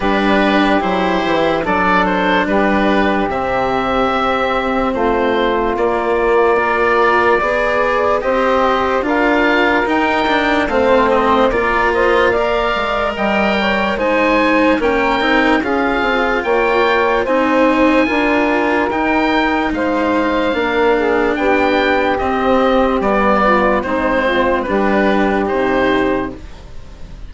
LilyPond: <<
  \new Staff \with { instrumentName = "oboe" } { \time 4/4 \tempo 4 = 73 b'4 c''4 d''8 c''8 b'4 | e''2 c''4 d''4~ | d''2 dis''4 f''4 | g''4 f''8 dis''8 d''8 dis''8 f''4 |
g''4 gis''4 g''4 f''4 | g''4 gis''2 g''4 | f''2 g''4 dis''4 | d''4 c''4 b'4 c''4 | }
  \new Staff \with { instrumentName = "saxophone" } { \time 4/4 g'2 a'4 g'4~ | g'2 f'2 | ais'4 d''4 c''4 ais'4~ | ais'4 c''4 ais'8 c''8 d''4 |
dis''8 cis''8 c''4 ais'4 gis'4 | cis''4 c''4 ais'2 | c''4 ais'8 gis'8 g'2~ | g'8 f'8 dis'8 f'8 g'2 | }
  \new Staff \with { instrumentName = "cello" } { \time 4/4 d'4 e'4 d'2 | c'2. ais4 | f'4 gis'4 g'4 f'4 | dis'8 d'8 c'4 f'4 ais'4~ |
ais'4 dis'4 cis'8 dis'8 f'4~ | f'4 dis'4 f'4 dis'4~ | dis'4 d'2 c'4 | b4 c'4 d'4 dis'4 | }
  \new Staff \with { instrumentName = "bassoon" } { \time 4/4 g4 fis8 e8 fis4 g4 | c4 c'4 a4 ais4~ | ais4 b4 c'4 d'4 | dis'4 a4 ais4. gis8 |
g4 gis4 ais8 c'8 cis'8 c'8 | ais4 c'4 d'4 dis'4 | gis4 ais4 b4 c'4 | g4 gis4 g4 c4 | }
>>